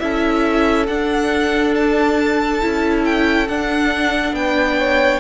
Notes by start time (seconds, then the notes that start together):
0.00 C#4 E4 A4 E5
0.88 D4 F#5
1.76 A5
2.62 C#4 E4
3.05 G5
3.48 D4 F#5
4.32 B3 B4 G5
4.80 C#5